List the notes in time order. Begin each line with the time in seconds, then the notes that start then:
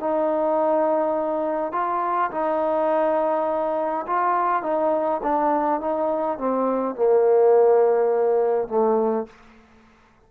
0.00 D#4
1.72 F4
2.31 D#4
4.07 F4
4.63 D#4
5.23 D4
5.81 D#4
6.38 C4
6.96 A#3
8.68 A3